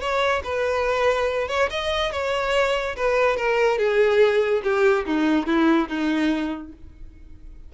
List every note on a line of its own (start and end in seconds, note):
0.00 0.42 C#5
0.43 1.48 B4
1.48 1.69 C#5
1.70 2.11 D#5
2.11 2.95 C#5
2.96 3.36 B4
3.36 3.78 A#4
3.78 4.62 G#4
4.63 5.05 G4
5.05 5.46 D#4
5.46 5.88 E4
5.88 6.72 D#4